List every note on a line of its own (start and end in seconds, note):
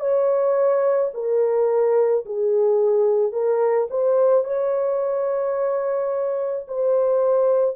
0.00 1.11 C#5
1.14 2.25 A#4
2.26 3.33 G#4
3.33 3.88 A#4
3.90 4.44 C5
4.44 6.67 C#5
6.68 7.76 C5